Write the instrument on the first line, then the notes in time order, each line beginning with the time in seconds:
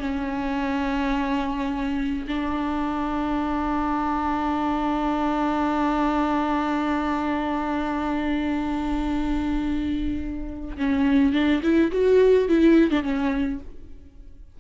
viola
0.00 C#4
2.28 D4
10.77 C#4
11.33 D4
11.63 E4
11.92 F#4
12.49 E4
12.91 D4
13.03 C#4